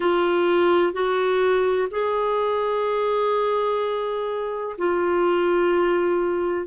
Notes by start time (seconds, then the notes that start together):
0.00 F4
0.93 F#4
1.90 G#4
4.77 F4